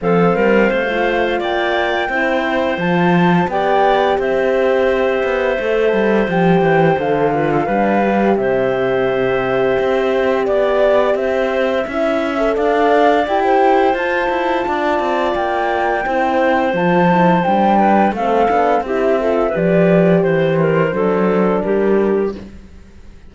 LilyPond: <<
  \new Staff \with { instrumentName = "flute" } { \time 4/4 \tempo 4 = 86 f''2 g''2 | a''4 g''4 e''2~ | e''4 g''4 f''2 | e''2. d''4 |
e''2 f''4 g''4 | a''2 g''2 | a''4 g''4 f''4 e''4 | d''4 c''2 ais'4 | }
  \new Staff \with { instrumentName = "clarinet" } { \time 4/4 a'8 ais'8 c''4 d''4 c''4~ | c''4 d''4 c''2~ | c''2~ c''8 b'16 a'16 b'4 | c''2. d''4 |
c''4 e''4 d''4~ d''16 c''8.~ | c''4 d''2 c''4~ | c''4. b'8 a'4 g'8 a'8 | b'4 c''8 ais'8 a'4 g'4 | }
  \new Staff \with { instrumentName = "horn" } { \time 4/4 c'4~ c'16 f'4.~ f'16 e'4 | f'4 g'2. | a'4 g'4 a'8 f'8 d'8 g'8~ | g'1~ |
g'4 e'8. a'4~ a'16 g'4 | f'2. e'4 | f'8 e'8 d'4 c'8 d'8 e'8 f'8 | g'2 d'2 | }
  \new Staff \with { instrumentName = "cello" } { \time 4/4 f8 g8 a4 ais4 c'4 | f4 b4 c'4. b8 | a8 g8 f8 e8 d4 g4 | c2 c'4 b4 |
c'4 cis'4 d'4 e'4 | f'8 e'8 d'8 c'8 ais4 c'4 | f4 g4 a8 b8 c'4 | f4 e4 fis4 g4 | }
>>